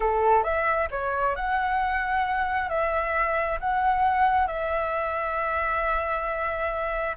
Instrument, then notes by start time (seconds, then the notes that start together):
flute
0.00 A4
0.43 E5
0.91 C#5
1.35 F#5
2.69 E5
3.60 F#5
4.47 E5